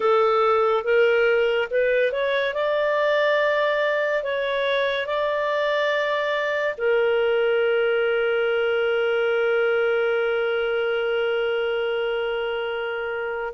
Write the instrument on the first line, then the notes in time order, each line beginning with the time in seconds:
clarinet
0.00 A4
0.84 A#4
1.70 B4
2.11 C#5
2.54 D5
4.23 C#5
5.06 D5
6.77 A#4